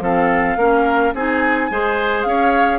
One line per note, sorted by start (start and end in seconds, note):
0.00 0.56 F3
0.00 0.59 C4
0.00 0.58 A4
0.00 1.14 F5
0.56 1.12 A#3
0.56 1.15 C#4
0.56 1.14 A#4
1.14 1.70 C4
1.14 1.71 D#4
1.14 1.71 G#4
1.14 2.23 G#5
1.70 2.25 G#3
1.70 2.79 G#4
1.70 2.28 C5
2.23 2.79 C#4
2.23 2.79 C#5
2.23 2.79 F5